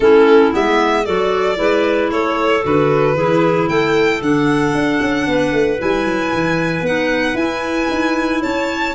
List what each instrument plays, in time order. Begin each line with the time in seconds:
0.00 tuba A3, clarinet C#4 E4, violin A4
0.52 tuba G#3, clarinet B3, violin E5
1.04 tuba F#3, clarinet F#4 A4, violin D5
1.55 tuba G#3, clarinet E4 B4
2.10 tuba A3, clarinet A4, violin C#5
2.63 tuba D3, clarinet F#4, violin B4
3.14 tuba E3, clarinet E4 G#4
3.68 tuba A3, clarinet A4, violin G5
4.21 tuba D3, clarinet D4, violin F#5
4.74 tuba D4
5.01 tuba C#4
5.27 tuba B3, clarinet B4
5.52 tuba A3
5.78 tuba G3, clarinet E4, violin G#5
6.04 tuba F#3
6.33 tuba E3
6.81 tuba B3, clarinet D#4, violin F#5
7.34 tuba E4, clarinet E4, violin G#5
7.90 tuba D#4
8.42 tuba C#4, clarinet C#5, violin A5